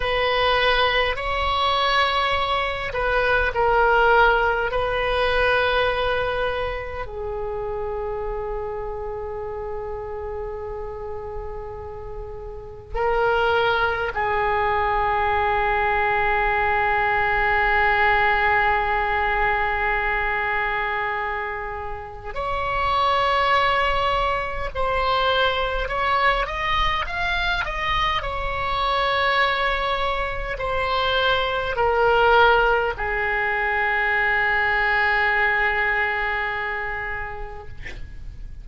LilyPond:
\new Staff \with { instrumentName = "oboe" } { \time 4/4 \tempo 4 = 51 b'4 cis''4. b'8 ais'4 | b'2 gis'2~ | gis'2. ais'4 | gis'1~ |
gis'2. cis''4~ | cis''4 c''4 cis''8 dis''8 f''8 dis''8 | cis''2 c''4 ais'4 | gis'1 | }